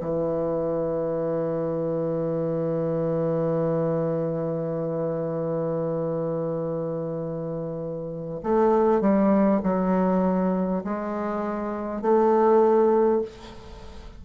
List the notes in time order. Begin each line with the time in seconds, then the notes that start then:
0.00 E3
8.43 A3
9.01 G3
9.63 F#3
10.84 G#3
12.02 A3